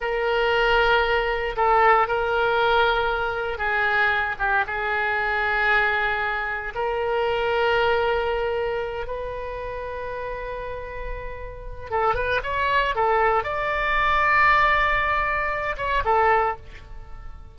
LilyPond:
\new Staff \with { instrumentName = "oboe" } { \time 4/4 \tempo 4 = 116 ais'2. a'4 | ais'2. gis'4~ | gis'8 g'8 gis'2.~ | gis'4 ais'2.~ |
ais'4. b'2~ b'8~ | b'2. a'8 b'8 | cis''4 a'4 d''2~ | d''2~ d''8 cis''8 a'4 | }